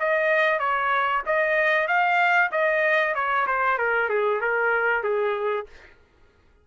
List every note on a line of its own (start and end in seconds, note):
0.00 0.59 D#5
0.59 1.23 C#5
1.27 1.88 D#5
1.88 2.51 F5
2.52 3.15 D#5
3.15 3.47 C#5
3.47 3.78 C5
3.78 4.09 A#4
4.09 4.41 G#4
4.41 5.04 A#4
5.04 5.67 G#4